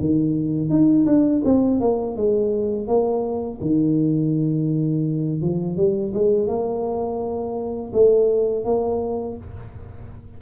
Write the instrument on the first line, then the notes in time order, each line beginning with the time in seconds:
tuba
0.00 D#3
0.69 D#4
1.06 D4
1.45 C4
1.80 A#3
2.16 G#3
2.88 A#3
3.61 D#3
5.42 F3
5.77 G3
6.14 G#3
6.47 A#3
7.93 A3
8.65 A#3